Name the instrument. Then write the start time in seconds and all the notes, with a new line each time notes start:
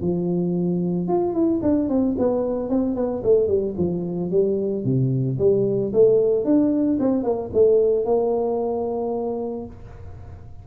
tuba
0.00 F3
1.07 F4
1.33 E4
1.62 D4
1.88 C4
2.18 B3
2.69 C4
2.95 B3
3.23 A3
3.47 G3
3.77 F3
4.30 G3
4.84 C3
5.38 G3
5.92 A3
6.44 D4
6.99 C4
7.23 A#3
7.53 A3
8.05 A#3